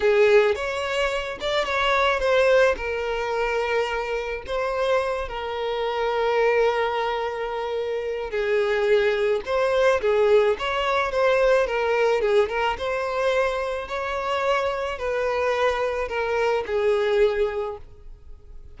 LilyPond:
\new Staff \with { instrumentName = "violin" } { \time 4/4 \tempo 4 = 108 gis'4 cis''4. d''8 cis''4 | c''4 ais'2. | c''4. ais'2~ ais'8~ | ais'2. gis'4~ |
gis'4 c''4 gis'4 cis''4 | c''4 ais'4 gis'8 ais'8 c''4~ | c''4 cis''2 b'4~ | b'4 ais'4 gis'2 | }